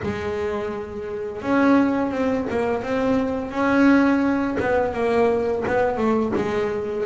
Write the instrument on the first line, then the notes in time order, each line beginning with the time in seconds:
double bass
0.02 G#3
1.41 C#4
2.11 C4
2.50 A#3
2.82 C4
3.51 C#4
4.59 B3
4.93 A#3
5.67 B3
5.96 A3
6.35 G#3